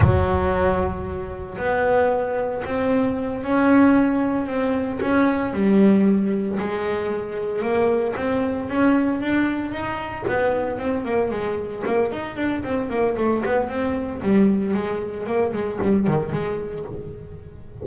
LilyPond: \new Staff \with { instrumentName = "double bass" } { \time 4/4 \tempo 4 = 114 fis2. b4~ | b4 c'4. cis'4.~ | cis'8 c'4 cis'4 g4.~ | g8 gis2 ais4 c'8~ |
c'8 cis'4 d'4 dis'4 b8~ | b8 c'8 ais8 gis4 ais8 dis'8 d'8 | c'8 ais8 a8 b8 c'4 g4 | gis4 ais8 gis8 g8 dis8 gis4 | }